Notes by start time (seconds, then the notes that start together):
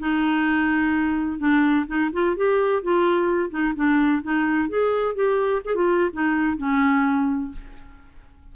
0.00 D#4
1.39 D4
1.87 D#4
2.13 F4
2.37 G4
2.83 F4
3.50 D#4
3.76 D4
4.23 D#4
4.70 G#4
5.15 G4
5.66 G#4
5.76 F4
6.13 D#4
6.58 C#4